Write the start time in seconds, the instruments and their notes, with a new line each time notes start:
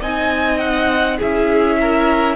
0.00 cello C4, viola D#4, violin D#5 G#5
0.58 violin F#5
1.18 cello C#4, viola E4, violin G#4 E5
1.80 violin A#4